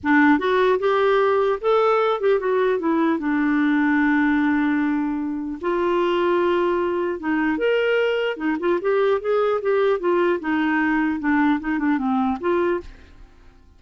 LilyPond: \new Staff \with { instrumentName = "clarinet" } { \time 4/4 \tempo 4 = 150 d'4 fis'4 g'2 | a'4. g'8 fis'4 e'4 | d'1~ | d'2 f'2~ |
f'2 dis'4 ais'4~ | ais'4 dis'8 f'8 g'4 gis'4 | g'4 f'4 dis'2 | d'4 dis'8 d'8 c'4 f'4 | }